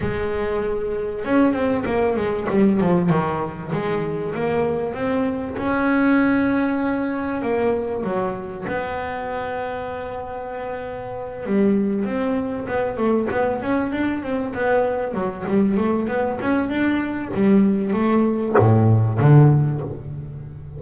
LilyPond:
\new Staff \with { instrumentName = "double bass" } { \time 4/4 \tempo 4 = 97 gis2 cis'8 c'8 ais8 gis8 | g8 f8 dis4 gis4 ais4 | c'4 cis'2. | ais4 fis4 b2~ |
b2~ b8 g4 c'8~ | c'8 b8 a8 b8 cis'8 d'8 c'8 b8~ | b8 fis8 g8 a8 b8 cis'8 d'4 | g4 a4 a,4 d4 | }